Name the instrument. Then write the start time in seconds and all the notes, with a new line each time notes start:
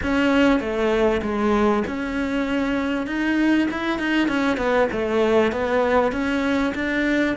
cello
0.02 C#4
0.60 A3
1.22 G#3
1.87 C#4
3.06 D#4
3.70 E4
3.99 D#4
4.28 C#4
4.57 B3
4.91 A3
5.51 B3
6.11 C#4
6.74 D4